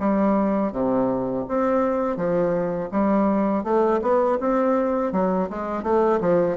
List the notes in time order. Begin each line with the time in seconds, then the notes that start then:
0.00 G3
0.72 C3
1.48 C4
2.17 F3
2.91 G3
3.64 A3
4.02 B3
4.40 C4
5.13 F#3
5.50 G#3
5.83 A3
6.21 F3